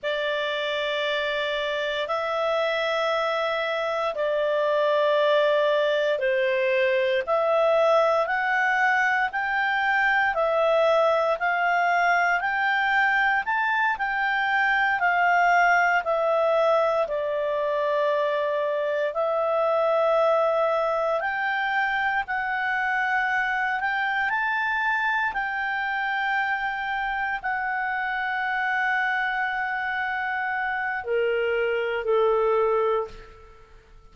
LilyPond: \new Staff \with { instrumentName = "clarinet" } { \time 4/4 \tempo 4 = 58 d''2 e''2 | d''2 c''4 e''4 | fis''4 g''4 e''4 f''4 | g''4 a''8 g''4 f''4 e''8~ |
e''8 d''2 e''4.~ | e''8 g''4 fis''4. g''8 a''8~ | a''8 g''2 fis''4.~ | fis''2 ais'4 a'4 | }